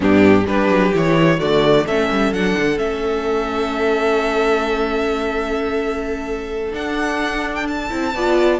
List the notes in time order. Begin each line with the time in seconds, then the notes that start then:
0.00 G2 B3 D4 G4
0.46 G3 D4 G4 B4
0.68 F#3
0.93 E3 E4 C#5
1.38 D3 A3 F#4 D5
1.86 A3 C#4 A4 E5
2.10 G3
2.32 F#3 D4 F#5
2.58 D3
2.76 A3 C#4 E5
6.71 D4 F#5
7.55 G5
7.67 A5
7.89 C4 E4
8.14 B3 F4 D5